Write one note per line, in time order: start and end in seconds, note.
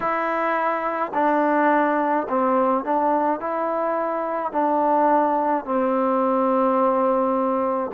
0.00 1.12 E4
1.14 2.27 D4
2.28 2.84 C4
2.84 3.40 D4
3.40 4.51 E4
4.51 5.64 D4
5.64 7.91 C4